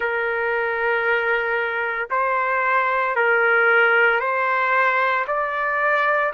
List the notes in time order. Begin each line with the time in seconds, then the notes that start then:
0.00 A#4
2.10 C5
3.15 A#4
4.20 C5
5.27 D5